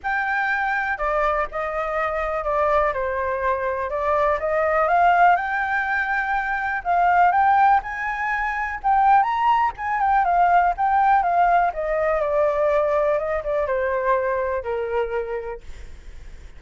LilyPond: \new Staff \with { instrumentName = "flute" } { \time 4/4 \tempo 4 = 123 g''2 d''4 dis''4~ | dis''4 d''4 c''2 | d''4 dis''4 f''4 g''4~ | g''2 f''4 g''4 |
gis''2 g''4 ais''4 | gis''8 g''8 f''4 g''4 f''4 | dis''4 d''2 dis''8 d''8 | c''2 ais'2 | }